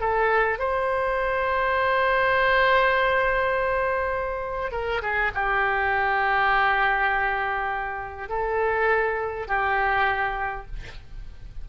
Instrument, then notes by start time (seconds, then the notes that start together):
oboe
0.00 A4
0.59 C5
4.72 A#4
5.02 G#4
5.35 G4
8.29 A4
9.48 G4